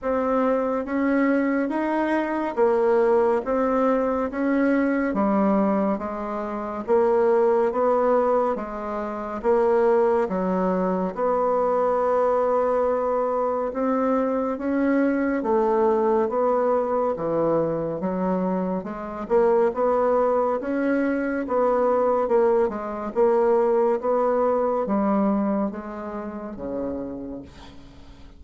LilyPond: \new Staff \with { instrumentName = "bassoon" } { \time 4/4 \tempo 4 = 70 c'4 cis'4 dis'4 ais4 | c'4 cis'4 g4 gis4 | ais4 b4 gis4 ais4 | fis4 b2. |
c'4 cis'4 a4 b4 | e4 fis4 gis8 ais8 b4 | cis'4 b4 ais8 gis8 ais4 | b4 g4 gis4 cis4 | }